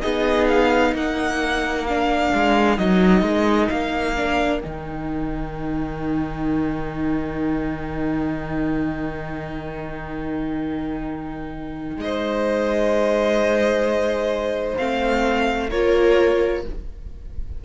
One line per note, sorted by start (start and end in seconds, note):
0.00 0.94 B3
0.00 1.86 D#4
0.00 0.91 G#4
0.00 0.47 D#5
0.48 0.94 F5
0.91 2.33 A#3
0.91 11.99 A#4
0.91 1.86 F#5
1.86 2.77 D4
1.86 2.78 F5
2.33 2.78 G#3
2.77 3.22 F#3
2.77 4.16 D#4
2.77 3.70 D#5
3.22 3.68 G#3
3.70 4.63 A#3
3.70 4.61 F5
4.16 4.62 D4
4.61 11.97 D#3
4.61 14.77 D#4
4.61 11.99 G5
11.97 14.74 G#3
11.97 14.77 D#5
12.03 15.69 C5
14.77 15.72 A3
14.77 15.70 C4
14.77 15.70 F5
15.69 16.65 A#3
15.69 16.64 F4
15.69 16.62 A#4
15.69 16.63 C#5